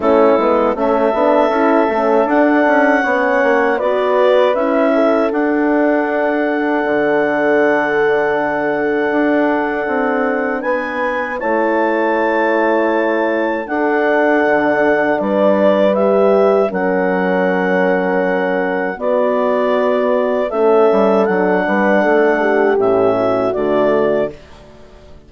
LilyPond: <<
  \new Staff \with { instrumentName = "clarinet" } { \time 4/4 \tempo 4 = 79 a'4 e''2 fis''4~ | fis''4 d''4 e''4 fis''4~ | fis''1~ | fis''2 gis''4 a''4~ |
a''2 fis''2 | d''4 e''4 fis''2~ | fis''4 d''2 e''4 | fis''2 e''4 d''4 | }
  \new Staff \with { instrumentName = "horn" } { \time 4/4 e'4 a'2. | cis''4 b'4. a'4.~ | a'1~ | a'2 b'4 cis''4~ |
cis''2 a'2 | b'2 ais'2~ | ais'4 fis'2 a'4~ | a'8 b'8 a'8 g'4 fis'4. | }
  \new Staff \with { instrumentName = "horn" } { \time 4/4 cis'8 b8 cis'8 d'8 e'8 cis'8 d'4 | cis'4 fis'4 e'4 d'4~ | d'1~ | d'2. e'4~ |
e'2 d'2~ | d'4 g'4 cis'2~ | cis'4 b2 cis'4 | d'2 cis'4 a4 | }
  \new Staff \with { instrumentName = "bassoon" } { \time 4/4 a8 gis8 a8 b8 cis'8 a8 d'8 cis'8 | b8 ais8 b4 cis'4 d'4~ | d'4 d2. | d'4 c'4 b4 a4~ |
a2 d'4 d4 | g2 fis2~ | fis4 b2 a8 g8 | fis8 g8 a4 a,4 d4 | }
>>